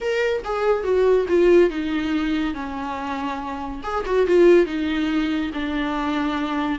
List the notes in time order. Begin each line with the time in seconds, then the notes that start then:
0.00 A#4
0.44 G#4
0.83 F#4
1.28 F4
1.69 D#4
2.53 C#4
3.83 G#4
4.05 F#4
4.26 F4
4.66 D#4
5.53 D4